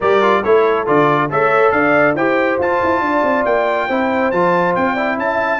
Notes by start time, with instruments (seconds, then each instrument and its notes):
0.00 tuba G3, trombone G4, horn A#4, trumpet D5
0.21 trombone F4
0.43 tuba A3, trombone E4, horn A4, trumpet C#5
0.86 tuba D3, trombone F4, trumpet D5
1.29 tuba A3, trombone A4, horn C#5, trumpet E5
1.71 tuba D4, horn D5, trumpet F5
2.14 tuba E4, trombone G4, horn C5, trumpet G5
2.59 tuba F4, trombone F4, trumpet A5
2.83 tuba E4
3.00 tuba D4, horn D5
3.23 tuba C4
3.45 tuba A#3, trumpet G5
3.87 tuba C4, trombone E4, horn C5
4.31 tuba F3, trombone F4, trumpet A5
4.75 tuba C4, trumpet G5
4.93 trombone E4, horn D5
5.17 tuba C#4, horn E5, trumpet A5